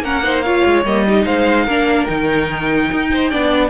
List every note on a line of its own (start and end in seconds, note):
0.00 0.61 A#3
0.00 0.23 C#4
0.00 0.24 A#4
0.00 0.42 F#5
0.23 0.43 D#4
0.23 0.45 C5
0.42 0.86 F4
0.42 1.06 C#5
0.42 0.83 F5
0.65 0.85 G#3
0.85 1.26 G3
0.85 1.06 A#3
0.85 1.26 D#5
1.08 1.68 D#4
1.08 1.25 G4
1.25 1.67 G#3
1.25 1.65 C5
1.25 2.06 F5
1.65 2.08 A#3
1.65 2.09 D4
1.65 3.07 A#4
2.06 2.90 D#3
2.06 3.31 D#4
2.06 3.69 G5
2.92 3.33 D#4
3.13 3.30 C5
3.30 3.70 B3
3.30 3.70 D4
3.30 3.70 D5